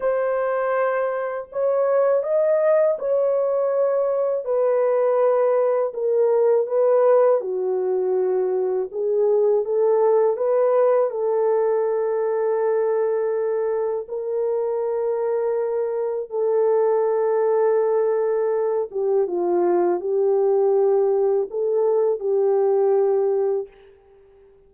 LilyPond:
\new Staff \with { instrumentName = "horn" } { \time 4/4 \tempo 4 = 81 c''2 cis''4 dis''4 | cis''2 b'2 | ais'4 b'4 fis'2 | gis'4 a'4 b'4 a'4~ |
a'2. ais'4~ | ais'2 a'2~ | a'4. g'8 f'4 g'4~ | g'4 a'4 g'2 | }